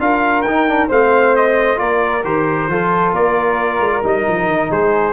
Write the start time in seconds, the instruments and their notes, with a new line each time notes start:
0.00 tuba D4, trombone F4, flute A#4, trumpet F5
0.42 tuba D#4, trombone D#4, trumpet G5
0.68 trombone D4
0.89 tuba A3, trombone C4, flute C5, trumpet F5
1.37 trumpet D#5
1.77 tuba A#3, trombone F4, flute A#4, trumpet D5
2.25 tuba D#3, trombone G4, trumpet C5
2.68 tuba F3, trombone F4, flute A4
3.14 tuba A#3, flute A#4, trumpet D5
3.80 tuba G#3
4.03 tuba G3, trombone D#4, trumpet D#5
4.29 tuba F3
4.48 tuba D#3
4.71 tuba G#3, flute G#4, trumpet C5